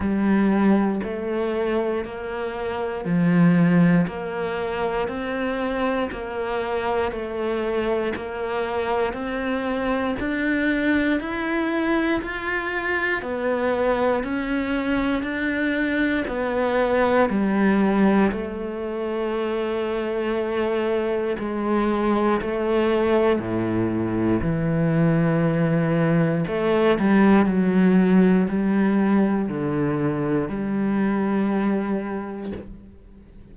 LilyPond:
\new Staff \with { instrumentName = "cello" } { \time 4/4 \tempo 4 = 59 g4 a4 ais4 f4 | ais4 c'4 ais4 a4 | ais4 c'4 d'4 e'4 | f'4 b4 cis'4 d'4 |
b4 g4 a2~ | a4 gis4 a4 a,4 | e2 a8 g8 fis4 | g4 d4 g2 | }